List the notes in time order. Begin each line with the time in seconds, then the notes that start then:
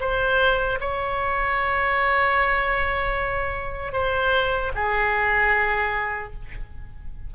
0.00 C5
0.80 C#5
3.93 C5
4.75 G#4